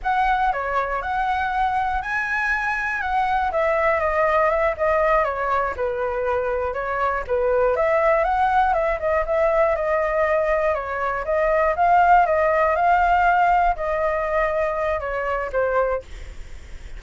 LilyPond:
\new Staff \with { instrumentName = "flute" } { \time 4/4 \tempo 4 = 120 fis''4 cis''4 fis''2 | gis''2 fis''4 e''4 | dis''4 e''8 dis''4 cis''4 b'8~ | b'4. cis''4 b'4 e''8~ |
e''8 fis''4 e''8 dis''8 e''4 dis''8~ | dis''4. cis''4 dis''4 f''8~ | f''8 dis''4 f''2 dis''8~ | dis''2 cis''4 c''4 | }